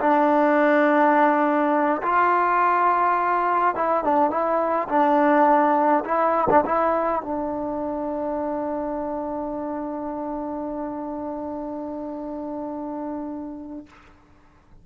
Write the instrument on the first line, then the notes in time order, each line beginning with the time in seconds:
trombone
0.00 D4
2.02 F4
3.75 E4
4.04 D4
4.30 E4
4.89 D4
6.05 E4
6.50 D4
6.66 E4
7.22 D4